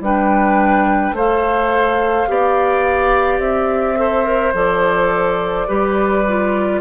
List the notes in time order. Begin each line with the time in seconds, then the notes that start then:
0.00 G3 D4 B4 G5
1.12 A3 A4 C5 F5
2.27 B3 G4 D5
3.38 C4 E5
3.96 A4 C5
4.24 A#4
4.53 F3 A4 D5
5.67 G3 G4 B4
6.28 F4